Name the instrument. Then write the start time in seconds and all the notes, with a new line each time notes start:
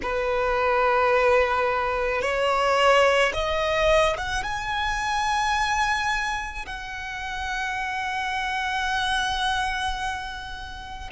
violin
0.02 B4
2.21 C#5
3.33 D#5
4.17 F#5
4.43 G#5
6.66 F#5